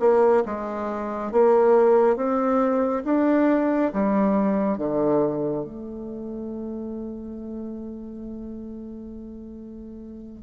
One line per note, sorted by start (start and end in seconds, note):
0.00 0.43 A#3
0.46 1.32 G#3
1.32 2.16 A#3
2.16 3.03 C4
3.05 3.92 D4
3.93 4.78 G3
4.78 5.64 D3
5.64 10.43 A3